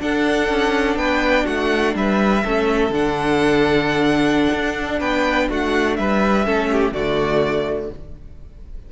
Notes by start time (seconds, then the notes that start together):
0.00 D4 A4 F#5
0.49 C#4
0.96 B3 B4 G5
1.45 A3 F#4 F#5
1.95 G3 B4 E5
2.44 A3 C#4 A4
2.90 D3 D4 F#5
4.53 D4
4.99 B3 B4 G5
5.49 A3 F#4 F#5
5.96 G3 B4 E5
6.45 A3 C#4 A4
6.72 G4
6.92 D3 A3 F#4 D5